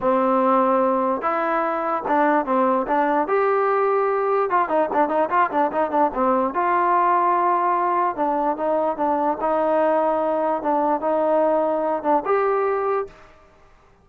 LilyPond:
\new Staff \with { instrumentName = "trombone" } { \time 4/4 \tempo 4 = 147 c'2. e'4~ | e'4 d'4 c'4 d'4 | g'2. f'8 dis'8 | d'8 dis'8 f'8 d'8 dis'8 d'8 c'4 |
f'1 | d'4 dis'4 d'4 dis'4~ | dis'2 d'4 dis'4~ | dis'4. d'8 g'2 | }